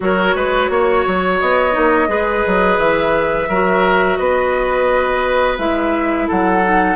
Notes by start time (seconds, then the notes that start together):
0.00 F#3 F#4 A#4 C#5
0.35 G#3 B4
0.69 A#3 C#5
1.07 F#3
1.39 B3 D#5
1.72 A#3 D#4
2.07 G#3 G#4 B4
2.47 F#3
2.78 E3 E5
3.48 F#3 F#4 A#4
4.17 B3 B4 D#5
5.58 G#3 E4 E5
6.27 F#3 A4 F#5
6.63 D#4